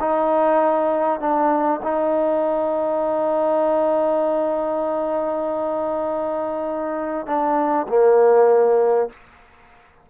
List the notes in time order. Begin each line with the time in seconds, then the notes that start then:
0.00 D#4
1.20 D4
1.83 D#4
7.26 D4
7.88 A#3